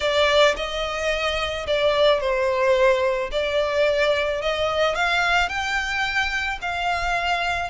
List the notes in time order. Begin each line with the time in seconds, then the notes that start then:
0.00 D5
0.56 D#5
1.66 D5
2.20 C5
3.31 D5
4.41 D#5
4.95 F5
5.48 G5
6.61 F5